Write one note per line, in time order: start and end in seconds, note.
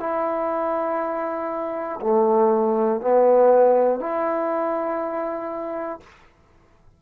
0.00 2.00 E4
2.00 3.00 A3
3.00 4.00 B3
4.00 6.00 E4